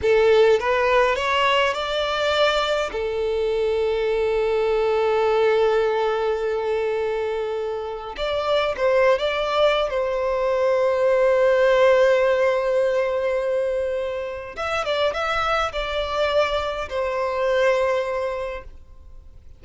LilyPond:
\new Staff \with { instrumentName = "violin" } { \time 4/4 \tempo 4 = 103 a'4 b'4 cis''4 d''4~ | d''4 a'2.~ | a'1~ | a'2 d''4 c''8. d''16~ |
d''4 c''2.~ | c''1~ | c''4 e''8 d''8 e''4 d''4~ | d''4 c''2. | }